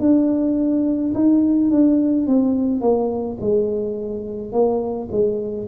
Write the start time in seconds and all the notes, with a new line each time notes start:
0.00 D4
1.14 D#4
1.71 D4
2.27 C4
2.81 A#3
3.41 G#3
4.52 A#3
5.11 G#3